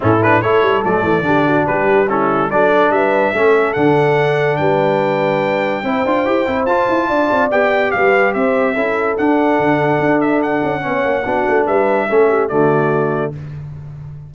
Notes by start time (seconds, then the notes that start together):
0.00 A2 C#4 E4 A4
0.23 D4 B4
0.41 A3 E4 A4 C#5
0.62 G3
0.83 F#3 A3 D5
1.03 E3
1.21 D3 D4 G4
1.46 F#4
1.66 G3 G4 B4
2.08 C#4 E4 A4
2.50 F#3 D4 A4 D5
2.90 G3 B4 E5
3.33 A3 C#4 A4
3.73 D3 D4 F#5
4.56 G3 B4 G5
5.83 C4 E4 C5
6.05 D4 F4
6.25 E4 G4
6.46 C4 E4
6.65 F4 A5
6.89 E4
7.08 D4 D5
7.30 C4
7.50 B3 G4 G5
7.91 G3 B4 F5
8.33 C4 C5 E5
8.73 C#4 E4 A4
9.17 D4 F#5
9.59 D3
9.99 D4
10.20 E5
10.42 F#5
10.63 C#4
10.80 B3 C#4 C#5
11.04 A#3
11.24 B3 D4 F#4
11.47 A3
11.65 G3 B4 E5
12.09 A3 C#4 A4
12.28 G4
12.48 D3 A3 F#4 D5